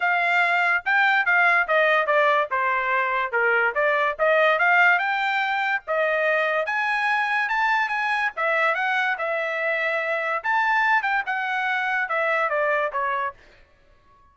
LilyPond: \new Staff \with { instrumentName = "trumpet" } { \time 4/4 \tempo 4 = 144 f''2 g''4 f''4 | dis''4 d''4 c''2 | ais'4 d''4 dis''4 f''4 | g''2 dis''2 |
gis''2 a''4 gis''4 | e''4 fis''4 e''2~ | e''4 a''4. g''8 fis''4~ | fis''4 e''4 d''4 cis''4 | }